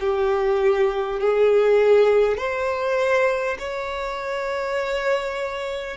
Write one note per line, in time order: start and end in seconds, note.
0.00 1.20 G4
1.20 2.37 G#4
2.37 3.57 C5
3.58 5.97 C#5